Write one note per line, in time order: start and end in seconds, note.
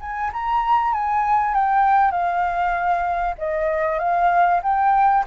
0.00 0.31 G#5
0.32 0.93 A#5
0.93 1.54 G#5
1.54 2.11 G5
2.11 3.35 F5
3.38 3.98 D#5
3.98 4.60 F5
4.62 5.24 G5